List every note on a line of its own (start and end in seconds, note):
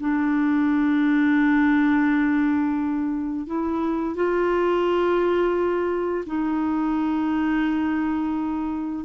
0.00 3.47 D4
3.47 4.16 E4
4.16 6.25 F4
6.26 9.05 D#4